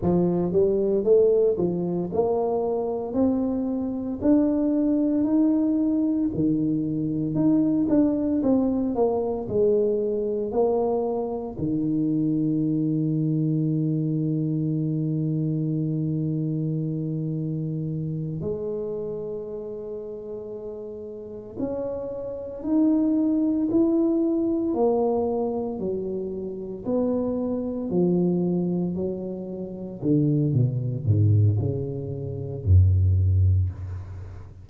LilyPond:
\new Staff \with { instrumentName = "tuba" } { \time 4/4 \tempo 4 = 57 f8 g8 a8 f8 ais4 c'4 | d'4 dis'4 dis4 dis'8 d'8 | c'8 ais8 gis4 ais4 dis4~ | dis1~ |
dis4. gis2~ gis8~ | gis8 cis'4 dis'4 e'4 ais8~ | ais8 fis4 b4 f4 fis8~ | fis8 d8 b,8 gis,8 cis4 fis,4 | }